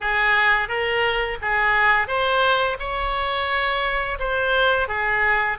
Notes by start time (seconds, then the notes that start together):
0.00 G#4
0.68 A#4
1.41 G#4
2.07 C5
2.79 C#5
4.19 C5
4.88 G#4